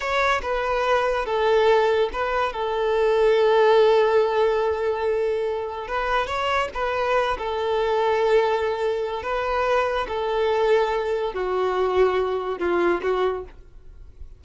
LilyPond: \new Staff \with { instrumentName = "violin" } { \time 4/4 \tempo 4 = 143 cis''4 b'2 a'4~ | a'4 b'4 a'2~ | a'1~ | a'2 b'4 cis''4 |
b'4. a'2~ a'8~ | a'2 b'2 | a'2. fis'4~ | fis'2 f'4 fis'4 | }